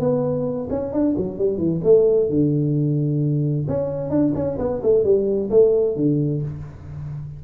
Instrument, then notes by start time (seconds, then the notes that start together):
tuba
0.00 B3
0.70 C#4
0.93 D4
1.17 F#3
1.38 G3
1.58 E3
1.84 A3
2.30 D3
3.68 C#4
4.10 D4
4.35 C#4
4.59 B3
4.83 A3
5.04 G3
5.50 A3
5.96 D3